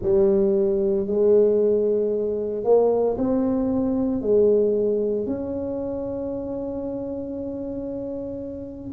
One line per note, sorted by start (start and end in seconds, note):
0.02 1.06 G3
1.06 2.64 G#3
2.64 3.16 A#3
3.17 4.21 C4
4.21 5.26 G#3
5.26 8.93 C#4